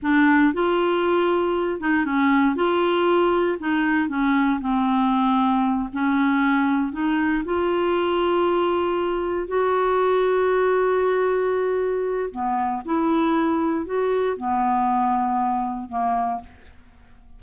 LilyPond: \new Staff \with { instrumentName = "clarinet" } { \time 4/4 \tempo 4 = 117 d'4 f'2~ f'8 dis'8 | cis'4 f'2 dis'4 | cis'4 c'2~ c'8 cis'8~ | cis'4. dis'4 f'4.~ |
f'2~ f'8 fis'4.~ | fis'1 | b4 e'2 fis'4 | b2. ais4 | }